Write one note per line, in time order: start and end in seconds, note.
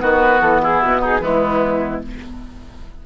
0.00 0.41 D#3
0.00 1.20 B3
0.00 0.62 F#4
0.00 0.41 B4
0.41 0.81 E3
0.41 0.61 A4
0.63 1.01 E4
0.63 0.82 G#4
0.82 1.20 B2
0.82 1.02 F#4
1.01 1.21 D#4
1.01 1.25 G#4
1.20 2.00 E3
1.20 2.03 G#3
1.20 2.01 B3
1.20 2.06 E4